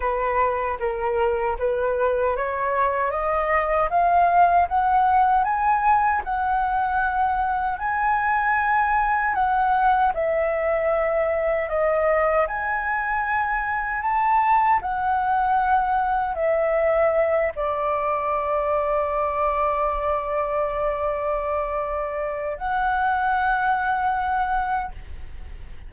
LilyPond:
\new Staff \with { instrumentName = "flute" } { \time 4/4 \tempo 4 = 77 b'4 ais'4 b'4 cis''4 | dis''4 f''4 fis''4 gis''4 | fis''2 gis''2 | fis''4 e''2 dis''4 |
gis''2 a''4 fis''4~ | fis''4 e''4. d''4.~ | d''1~ | d''4 fis''2. | }